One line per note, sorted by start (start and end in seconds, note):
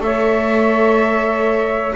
0.00 1.94 A3
0.00 1.94 A4
0.00 1.95 C#5
0.00 1.95 E5